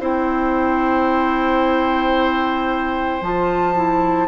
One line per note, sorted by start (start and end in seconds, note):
0.00 3.21 C4
0.00 3.22 E4
0.00 4.28 C5
0.00 3.23 G5
3.22 4.28 F3
3.22 3.76 F4
3.22 4.28 A5
3.76 4.28 E4